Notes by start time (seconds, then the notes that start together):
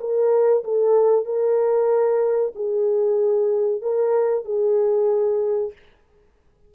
0.00 A#4
0.64 A4
1.25 A#4
2.55 G#4
3.82 A#4
4.45 G#4